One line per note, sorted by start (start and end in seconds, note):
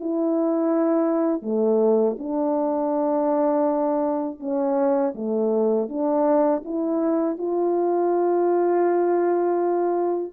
0.00 1.42 E4
1.42 2.16 A3
2.18 4.39 D4
4.39 5.13 C#4
5.15 5.89 A3
5.89 6.63 D4
6.65 7.38 E4
7.38 10.33 F4